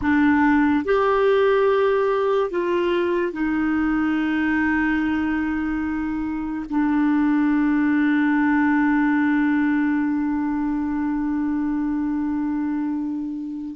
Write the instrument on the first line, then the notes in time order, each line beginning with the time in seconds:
clarinet
0.01 D4
0.84 G4
2.50 F4
3.32 D#4
6.69 D4